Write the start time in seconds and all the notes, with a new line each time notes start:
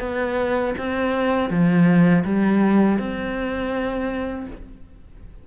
0.00 B3
0.78 C4
1.50 F3
2.25 G3
2.99 C4